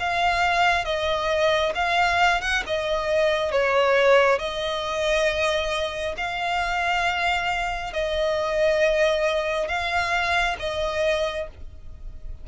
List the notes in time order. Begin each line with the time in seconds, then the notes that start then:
0.00 F5
0.85 D#5
1.75 F5
2.42 F#5
2.67 D#5
3.52 C#5
4.39 D#5
6.18 F5
7.94 D#5
9.69 F5
10.60 D#5